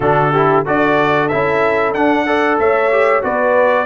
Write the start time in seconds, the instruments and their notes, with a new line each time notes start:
0.00 tuba D3, trombone D4, horn F#4, trumpet A4
0.31 trombone E4, horn G4
0.65 tuba D4, trombone F#4, horn A4, trumpet D5
1.28 tuba C#4, trombone E4, trumpet E5
1.93 tuba D4, trombone D4, trumpet F#5
2.26 trombone A4, horn D5
2.58 tuba A3, horn C#5, trumpet E5
2.91 trombone G4
3.22 tuba B3, trombone F#4, horn B4, trumpet D5